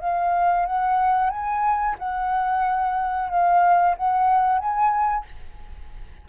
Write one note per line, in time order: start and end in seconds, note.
0.00 0.66 F5
0.66 1.30 F#5
1.30 1.96 G#5
1.99 3.30 F#5
3.30 3.96 F5
3.97 4.59 F#5
4.59 5.25 G#5